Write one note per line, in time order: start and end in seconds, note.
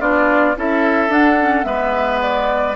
0.00 0.56 B3
0.00 0.56 D4
0.00 0.56 F4
0.00 0.57 D5
0.56 1.09 C#4
0.56 1.10 E4
0.56 1.67 A4
0.56 1.13 E5
1.09 1.65 D4
1.09 1.37 D4
1.09 1.65 F#5
1.40 1.63 C#4
1.63 2.76 G#3
1.63 2.74 B3
1.63 2.76 B4
1.63 2.20 E5
2.22 2.76 D5